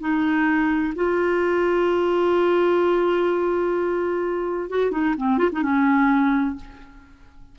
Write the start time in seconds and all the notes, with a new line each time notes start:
0.00 D#4
0.95 F4
4.70 F#4
4.91 D#4
5.17 C4
5.38 F4
5.52 D#4
5.62 C#4